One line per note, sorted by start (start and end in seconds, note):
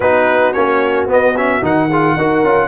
0.00 0.53 B3
0.00 0.54 D#4
0.00 1.88 F#4
0.00 0.52 B4
0.52 1.06 A#3
0.52 1.08 C#4
0.52 1.06 C#5
1.06 1.60 B3
1.06 1.35 B3
1.06 1.37 D#5
1.36 1.61 C#4
1.36 1.64 E5
1.61 2.16 D#3
1.61 1.89 D#4
1.61 2.67 F#5
1.89 2.19 F4
1.89 2.16 G#4
2.16 2.43 D#4
2.16 2.44 F#4
2.16 2.67 A#4
2.43 2.67 C#4
2.43 2.67 F4